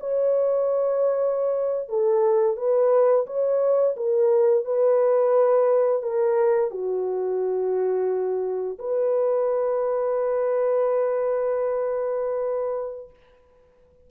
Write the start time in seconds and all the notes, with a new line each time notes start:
0.00 C#5
1.88 A4
2.57 B4
3.26 C#5
3.96 A#4
4.64 B4
6.02 A#4
6.71 F#4
8.79 B4